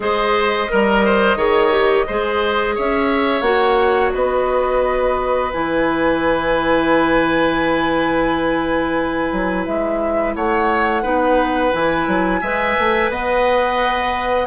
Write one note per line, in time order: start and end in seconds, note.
0.00 0.67 G#3
0.00 0.68 G#4
0.00 0.71 C5
0.00 2.77 D#5
0.68 1.35 G3
0.68 1.37 A#4
0.68 1.04 A#4
1.04 1.37 C5
1.35 2.04 D#3
1.35 1.71 G#4
1.35 2.06 C#5
1.71 2.05 G4
2.06 2.78 G#3
2.06 3.43 G#4
2.06 2.75 C5
2.75 3.41 C#4
2.75 4.13 C#5
2.75 3.41 E5
3.41 4.10 A#3
3.41 5.50 F#4
3.41 4.10 F#5
4.13 5.52 B3
4.13 10.34 B4
4.13 5.51 D#5
5.51 9.32 E3
5.51 11.03 E4
5.51 9.65 G#5
9.32 9.66 F#3
9.65 10.35 G#3
9.65 10.34 E5
10.35 11.03 A3
10.35 11.02 C#5
10.35 11.72 F#5
11.02 11.72 B3
11.02 11.72 D#4
11.02 12.40 B4
11.72 12.07 E3
11.72 12.41 E4
11.72 13.10 G#5
12.07 12.41 F#3
12.41 12.76 G#3
12.41 14.46 B4
12.41 13.10 E5
12.78 13.09 A3
13.09 14.46 B3
13.09 14.46 D#5
13.09 14.46 F#5